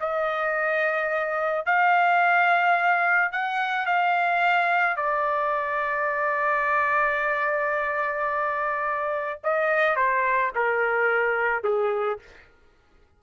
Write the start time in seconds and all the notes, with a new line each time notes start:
0.00 D#5
1.65 F5
3.32 F#5
3.86 F5
4.96 D5
9.43 D#5
9.96 C5
10.55 A#4
11.63 G#4